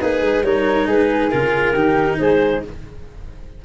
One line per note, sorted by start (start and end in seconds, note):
0.00 0.21 A#3
0.00 0.44 D#4
0.00 0.43 G#4
0.00 0.44 B4
0.21 0.43 G#3
0.43 0.87 G3
0.43 1.31 D#4
0.43 0.87 A#4
0.43 0.88 C#5
0.87 1.30 G#3
0.87 1.73 G#4
0.87 1.30 B4
1.30 1.74 C#3
1.30 1.74 F4
1.30 2.18 A#4
1.73 2.18 D#3
1.73 2.63 D#4
1.73 2.17 G4
2.19 2.63 G#3
2.19 2.64 G#4
2.19 2.62 C5